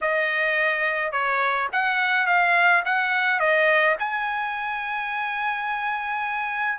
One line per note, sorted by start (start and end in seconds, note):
0.01 1.12 D#5
1.12 1.68 C#5
1.72 2.26 F#5
2.26 2.83 F5
2.85 3.39 F#5
3.39 3.96 D#5
3.99 6.78 G#5